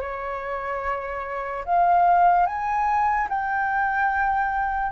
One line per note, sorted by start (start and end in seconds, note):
0.00 1.64 C#5
1.65 2.46 F5
2.46 3.28 G#5
3.28 4.92 G5